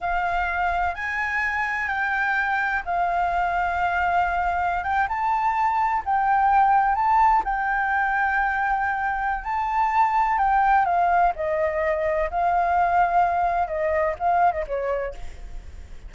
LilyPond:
\new Staff \with { instrumentName = "flute" } { \time 4/4 \tempo 4 = 127 f''2 gis''2 | g''2 f''2~ | f''2~ f''16 g''8 a''4~ a''16~ | a''8. g''2 a''4 g''16~ |
g''1 | a''2 g''4 f''4 | dis''2 f''2~ | f''4 dis''4 f''8. dis''16 cis''4 | }